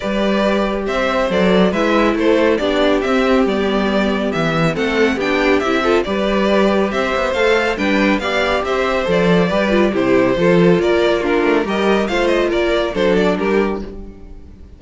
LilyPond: <<
  \new Staff \with { instrumentName = "violin" } { \time 4/4 \tempo 4 = 139 d''2 e''4 d''4 | e''4 c''4 d''4 e''4 | d''2 e''4 fis''4 | g''4 e''4 d''2 |
e''4 f''4 g''4 f''4 | e''4 d''2 c''4~ | c''4 d''4 ais'4 dis''4 | f''8 dis''8 d''4 c''8 d''8 ais'4 | }
  \new Staff \with { instrumentName = "violin" } { \time 4/4 b'2 c''2 | b'4 a'4 g'2~ | g'2. a'4 | g'4. a'8 b'2 |
c''2 b'4 d''4 | c''2 b'4 g'4 | a'4 ais'4 f'4 ais'4 | c''4 ais'4 a'4 g'4 | }
  \new Staff \with { instrumentName = "viola" } { \time 4/4 g'2. a'4 | e'2 d'4 c'4 | b2. c'4 | d'4 e'8 f'8 g'2~ |
g'4 a'4 d'4 g'4~ | g'4 a'4 g'8 f'8 e'4 | f'2 d'4 g'4 | f'2 d'2 | }
  \new Staff \with { instrumentName = "cello" } { \time 4/4 g2 c'4 fis4 | gis4 a4 b4 c'4 | g2 e4 a4 | b4 c'4 g2 |
c'8 b8 a4 g4 b4 | c'4 f4 g4 c4 | f4 ais4. a8 g4 | a4 ais4 fis4 g4 | }
>>